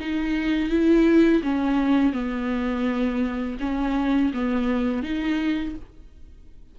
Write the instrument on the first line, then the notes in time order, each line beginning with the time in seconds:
viola
0.00 D#4
0.70 E4
1.43 C#4
2.13 B3
3.60 C#4
4.33 B3
5.03 D#4